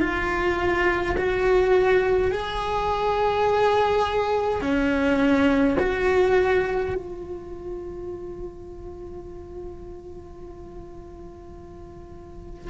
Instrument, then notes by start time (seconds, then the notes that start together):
cello
0.00 F4
1.17 F#4
2.32 G#4
4.61 C#4
5.79 F#4
6.95 F4